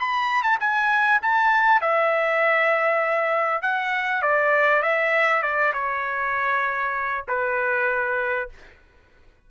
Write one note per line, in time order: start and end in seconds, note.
0.00 0.43 B5
0.43 0.58 A5
0.61 1.21 G#5
1.22 1.82 A5
1.82 3.63 E5
3.63 4.23 F#5
4.23 4.83 D5
4.83 5.43 E5
5.43 5.73 D5
5.74 7.25 C#5
7.28 8.50 B4